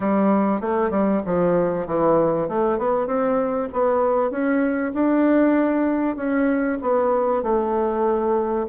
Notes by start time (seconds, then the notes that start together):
0.00 G3
0.60 A3
0.90 G3
1.25 F3
1.86 E3
2.48 A3
2.78 B3
3.06 C4
3.73 B3
4.30 C#4
4.94 D4
6.16 C#4
6.81 B3
7.42 A3